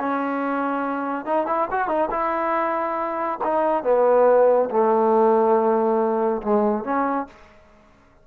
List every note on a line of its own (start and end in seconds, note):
0.00 1.26 C#4
1.26 1.47 D#4
1.47 1.69 E4
1.71 1.88 F#4
1.88 2.10 D#4
2.11 3.39 E4
3.44 3.84 D#4
3.84 4.70 B3
4.71 6.42 A3
6.43 6.85 G#3
6.85 7.27 C#4